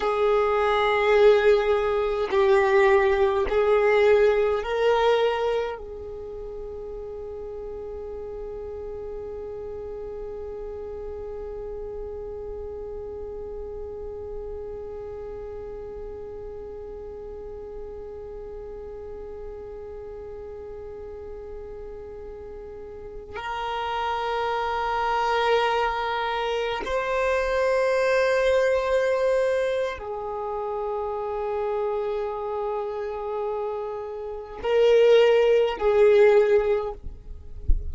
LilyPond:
\new Staff \with { instrumentName = "violin" } { \time 4/4 \tempo 4 = 52 gis'2 g'4 gis'4 | ais'4 gis'2.~ | gis'1~ | gis'1~ |
gis'1~ | gis'16 ais'2. c''8.~ | c''2 gis'2~ | gis'2 ais'4 gis'4 | }